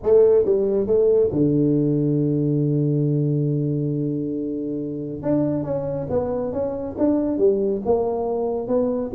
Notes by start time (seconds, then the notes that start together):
0.03 A3
0.45 G3
0.87 A3
1.32 D3
5.22 D4
5.63 C#4
6.09 B3
6.52 C#4
6.98 D4
7.38 G3
7.85 A#3
8.67 B3